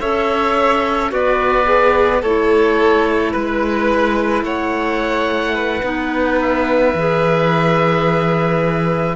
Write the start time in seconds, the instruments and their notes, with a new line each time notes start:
0.00 cello C#4, clarinet A4, violin C#5, oboe E5
1.10 cello B3, violin F#4, clarinet B4, oboe D5
1.66 violin G#4
2.22 cello A3, clarinet E4, violin A4, oboe C#5
3.32 cello G#3, oboe B4, violin B4
4.43 cello A3, violin C#5, oboe F#5
5.55 violin B4
5.83 cello B3, clarinet D#4
6.42 oboe E5
6.94 cello E3, clarinet G#4